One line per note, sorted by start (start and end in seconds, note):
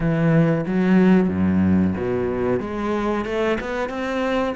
0.00 0.65 E3
0.66 1.29 F#3
1.29 1.94 F#2
1.97 2.60 B2
2.60 3.25 G#3
3.25 3.58 A3
3.60 3.89 B3
3.89 4.54 C4